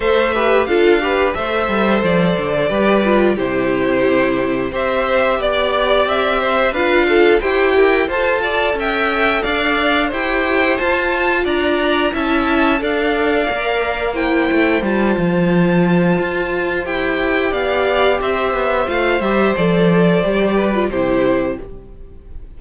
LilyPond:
<<
  \new Staff \with { instrumentName = "violin" } { \time 4/4 \tempo 4 = 89 e''4 f''4 e''4 d''4~ | d''4 c''2 e''4 | d''4 e''4 f''4 g''4 | a''4 g''4 f''4 g''4 |
a''4 ais''4 a''4 f''4~ | f''4 g''4 a''2~ | a''4 g''4 f''4 e''4 | f''8 e''8 d''2 c''4 | }
  \new Staff \with { instrumentName = "violin" } { \time 4/4 c''8 b'8 a'8 b'8 c''2 | b'4 g'2 c''4 | d''4. c''8 b'8 a'8 g'4 | c''8 d''8 e''4 d''4 c''4~ |
c''4 d''4 e''4 d''4~ | d''4 c''2.~ | c''2 d''4 c''4~ | c''2~ c''8 b'8 g'4 | }
  \new Staff \with { instrumentName = "viola" } { \time 4/4 a'8 g'8 f'8 g'8 a'2 | g'8 f'8 e'2 g'4~ | g'2 f'4 c''8 ais'8 | a'2. g'4 |
f'2 e'4 a'4 | ais'4 e'4 f'2~ | f'4 g'2. | f'8 g'8 a'4 g'8. f'16 e'4 | }
  \new Staff \with { instrumentName = "cello" } { \time 4/4 a4 d'4 a8 g8 f8 d8 | g4 c2 c'4 | b4 c'4 d'4 e'4 | f'4 cis'4 d'4 e'4 |
f'4 d'4 cis'4 d'4 | ais4. a8 g8 f4. | f'4 e'4 b4 c'8 b8 | a8 g8 f4 g4 c4 | }
>>